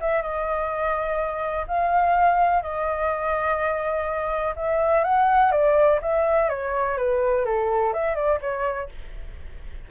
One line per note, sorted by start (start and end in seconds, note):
0.00 0.22 E5
0.22 1.66 D#5
1.67 2.62 F5
2.62 4.54 D#5
4.56 5.04 E5
5.04 5.51 F#5
5.51 5.99 D5
6.01 6.49 E5
6.49 6.97 C#5
6.97 7.45 B4
7.45 7.93 A4
7.93 8.15 E5
8.15 8.39 D5
8.41 8.89 C#5